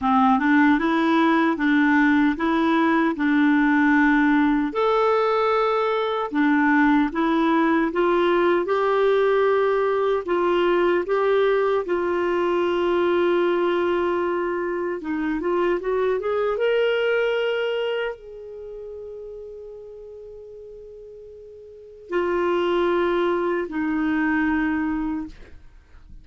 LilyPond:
\new Staff \with { instrumentName = "clarinet" } { \time 4/4 \tempo 4 = 76 c'8 d'8 e'4 d'4 e'4 | d'2 a'2 | d'4 e'4 f'4 g'4~ | g'4 f'4 g'4 f'4~ |
f'2. dis'8 f'8 | fis'8 gis'8 ais'2 gis'4~ | gis'1 | f'2 dis'2 | }